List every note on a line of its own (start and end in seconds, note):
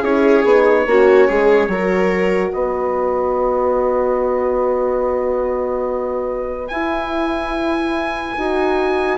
0.00 0.44 C#4
0.00 0.44 E4
0.00 0.83 G#4
0.00 2.52 C#5
0.44 0.86 B3
0.44 0.86 D#4
0.86 1.27 A#3
0.86 1.69 C#4
0.86 1.28 F#4
1.28 1.68 G#3
1.28 1.69 G#4
1.68 2.51 F#3
1.68 6.69 F#4
1.68 2.54 A#4
2.52 6.70 B3
2.52 9.18 B4
2.52 6.67 D#5
6.67 8.37 E4
6.67 9.17 G#5
8.37 9.18 D#4
8.37 9.18 F#4